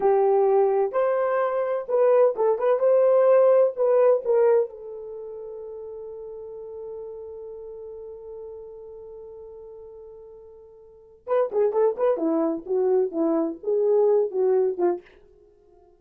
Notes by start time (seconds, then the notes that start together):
0.00 G4
0.92 C5
1.88 B4
2.36 A4
2.58 B4
2.79 C5
3.76 B4
4.24 A#4
4.69 A4
11.26 B4
11.51 G#4
11.72 A4
11.96 B4
12.17 E4
12.65 F#4
13.11 E4
13.63 G#4
14.31 F#4
14.77 F4